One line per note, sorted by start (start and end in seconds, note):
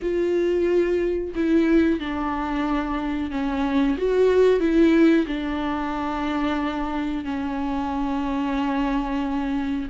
0.02 1.34 F4
1.35 1.99 E4
1.99 3.30 D4
3.30 3.96 C#4
3.97 4.59 F#4
4.59 5.25 E4
5.26 7.24 D4
7.24 9.88 C#4